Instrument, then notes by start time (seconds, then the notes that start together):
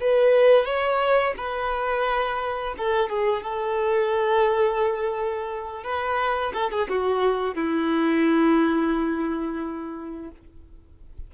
violin
0.00 B4
0.65 C#5
1.37 B4
2.77 A4
3.09 G#4
3.42 A4
5.83 B4
6.53 A4
6.71 G#4
6.88 F#4
7.55 E4